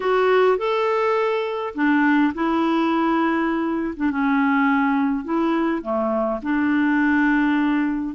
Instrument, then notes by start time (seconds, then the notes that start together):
clarinet
0.00 F#4
0.57 A4
1.74 D4
2.34 E4
3.96 D4
4.11 C#4
5.24 E4
5.81 A3
6.42 D4